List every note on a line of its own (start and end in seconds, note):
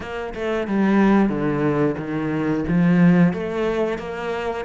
0.00 0.33 A#3
0.34 0.67 A3
0.67 1.28 G3
1.28 1.95 D3
1.97 2.64 D#3
2.68 3.33 F3
3.33 3.98 A3
3.98 4.65 A#3